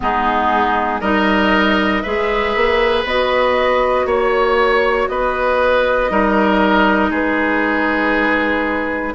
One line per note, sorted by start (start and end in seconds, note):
0.00 1.01 G#3
0.00 1.01 B3
0.00 1.00 D#4
0.00 1.01 G#4
1.00 2.03 G3
1.00 2.04 D#4
1.00 2.02 A#4
1.00 2.01 D#5
2.01 2.55 G#3
2.01 3.06 G#4
2.01 4.06 B4
2.01 3.03 E5
2.55 3.04 A#3
3.04 4.05 B3
3.04 6.10 F#4
3.04 4.08 D#5
4.05 5.07 A#3
4.05 5.08 C#5
5.08 6.10 B3
5.08 6.11 B4
5.08 7.12 D#5
6.10 7.10 G3
6.10 9.15 D#4
6.10 7.10 A#4
7.10 9.13 G#3
7.10 9.13 G#4
7.10 9.15 B4